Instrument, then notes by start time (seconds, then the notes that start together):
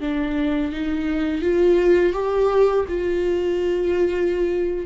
viola
0.00 D4
0.72 D#4
1.42 F4
2.13 G4
2.88 F4